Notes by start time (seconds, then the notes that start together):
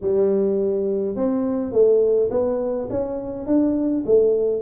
0.01 G3
1.15 C4
1.72 A3
2.30 B3
2.90 C#4
3.46 D4
4.06 A3